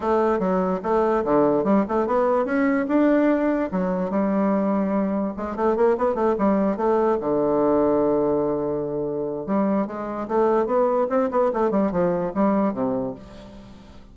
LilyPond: \new Staff \with { instrumentName = "bassoon" } { \time 4/4 \tempo 4 = 146 a4 fis4 a4 d4 | g8 a8 b4 cis'4 d'4~ | d'4 fis4 g2~ | g4 gis8 a8 ais8 b8 a8 g8~ |
g8 a4 d2~ d8~ | d2. g4 | gis4 a4 b4 c'8 b8 | a8 g8 f4 g4 c4 | }